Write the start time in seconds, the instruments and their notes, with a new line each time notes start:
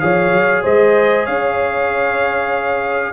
0.00 tuba F3, trombone G#4, horn C#5, trumpet F5
0.32 tuba F#3
0.63 tuba G#3, horn C5, trumpet D#5
1.24 tuba C#4, horn C#5, trumpet F5